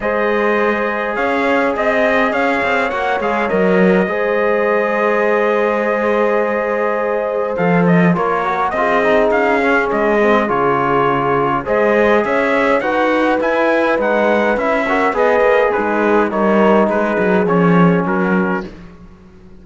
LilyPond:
<<
  \new Staff \with { instrumentName = "trumpet" } { \time 4/4 \tempo 4 = 103 dis''2 f''4 dis''4 | f''4 fis''8 f''8 dis''2~ | dis''1~ | dis''4 f''8 dis''8 cis''4 dis''4 |
f''4 dis''4 cis''2 | dis''4 e''4 fis''4 gis''4 | fis''4 e''4 dis''4 b'4 | cis''4 b'4 cis''4 ais'4 | }
  \new Staff \with { instrumentName = "horn" } { \time 4/4 c''2 cis''4 dis''4 | cis''2. c''4~ | c''1~ | c''2 ais'4 gis'4~ |
gis'1 | c''4 cis''4 b'2~ | b'4. ais'8 b'4 dis'4 | ais'4 gis'2 fis'4 | }
  \new Staff \with { instrumentName = "trombone" } { \time 4/4 gis'1~ | gis'4 fis'8 gis'8 ais'4 gis'4~ | gis'1~ | gis'4 a'4 f'8 fis'8 f'8 dis'8~ |
dis'8 cis'4 c'8 f'2 | gis'2 fis'4 e'4 | dis'4 e'8 fis'8 gis'2 | dis'2 cis'2 | }
  \new Staff \with { instrumentName = "cello" } { \time 4/4 gis2 cis'4 c'4 | cis'8 c'8 ais8 gis8 fis4 gis4~ | gis1~ | gis4 f4 ais4 c'4 |
cis'4 gis4 cis2 | gis4 cis'4 dis'4 e'4 | gis4 cis'4 b8 ais8 gis4 | g4 gis8 fis8 f4 fis4 | }
>>